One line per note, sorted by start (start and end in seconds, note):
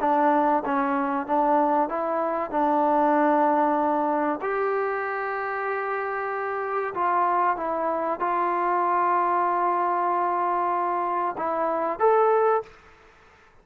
0.00 0.63 D4
0.65 1.27 C#4
1.27 1.89 D4
1.89 2.50 E4
2.50 4.40 D4
4.41 6.94 G4
6.94 7.56 F4
7.56 8.20 E4
8.20 11.36 F4
11.37 11.99 E4
11.99 12.63 A4